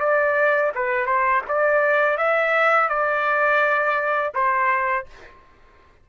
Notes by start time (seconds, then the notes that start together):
0.00 D5
0.76 B4
1.06 C5
1.49 D5
2.18 E5
2.89 D5
4.34 C5